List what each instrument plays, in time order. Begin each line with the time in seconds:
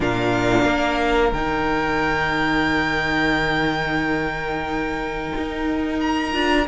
0.00 cello A#2, viola D4, violin A#4 F5
0.65 cello A#3
1.32 cello D#3, viola D#4, violin G5
5.37 cello D#4
6.00 violin A#5
6.31 cello D4, viola F4